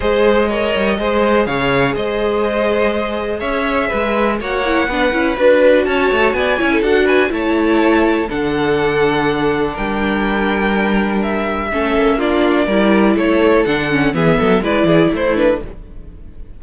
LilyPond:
<<
  \new Staff \with { instrumentName = "violin" } { \time 4/4 \tempo 4 = 123 dis''2. f''4 | dis''2. e''4~ | e''4 fis''2 b'4 | a''4 gis''4 fis''8 gis''8 a''4~ |
a''4 fis''2. | g''2. e''4~ | e''4 d''2 cis''4 | fis''4 e''4 d''4 c''8 b'8 | }
  \new Staff \with { instrumentName = "violin" } { \time 4/4 c''4 cis''4 c''4 cis''4 | c''2. cis''4 | b'4 cis''4 b'2 | cis''4 d''8 cis''16 a'8. b'8 cis''4~ |
cis''4 a'2. | ais'1 | a'4 f'4 ais'4 a'4~ | a'4 gis'8 a'8 b'8 gis'8 e'4 | }
  \new Staff \with { instrumentName = "viola" } { \time 4/4 gis'4 ais'4 gis'2~ | gis'1~ | gis'4 fis'8 e'8 d'8 e'8 fis'4~ | fis'4. e'8 fis'4 e'4~ |
e'4 d'2.~ | d'1 | cis'4 d'4 e'2 | d'8 cis'8 b4 e'4. d'8 | }
  \new Staff \with { instrumentName = "cello" } { \time 4/4 gis4. g8 gis4 cis4 | gis2. cis'4 | gis4 ais4 b8 cis'8 d'4 | cis'8 a8 b8 cis'8 d'4 a4~ |
a4 d2. | g1 | a8 ais4. g4 a4 | d4 e8 fis8 gis8 e8 a4 | }
>>